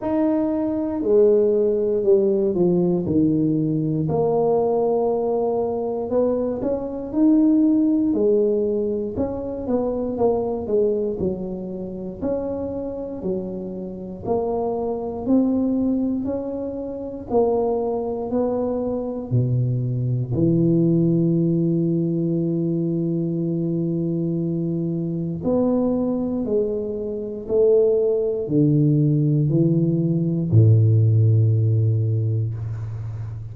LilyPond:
\new Staff \with { instrumentName = "tuba" } { \time 4/4 \tempo 4 = 59 dis'4 gis4 g8 f8 dis4 | ais2 b8 cis'8 dis'4 | gis4 cis'8 b8 ais8 gis8 fis4 | cis'4 fis4 ais4 c'4 |
cis'4 ais4 b4 b,4 | e1~ | e4 b4 gis4 a4 | d4 e4 a,2 | }